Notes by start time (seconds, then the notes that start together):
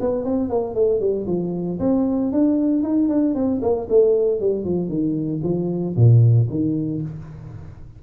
0.00 B3
0.24 C4
0.49 A#3
0.74 A3
1.00 G3
1.27 F3
1.79 C4
2.31 D4
2.83 D#4
3.08 D4
3.35 C4
3.62 A#3
3.89 A3
4.40 G3
4.64 F3
4.88 D#3
5.43 F3
5.96 A#2
6.50 D#3